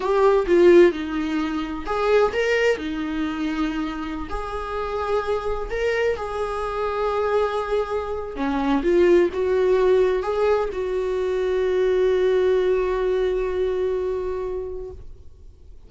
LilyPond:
\new Staff \with { instrumentName = "viola" } { \time 4/4 \tempo 4 = 129 g'4 f'4 dis'2 | gis'4 ais'4 dis'2~ | dis'4~ dis'16 gis'2~ gis'8.~ | gis'16 ais'4 gis'2~ gis'8.~ |
gis'2 cis'4 f'4 | fis'2 gis'4 fis'4~ | fis'1~ | fis'1 | }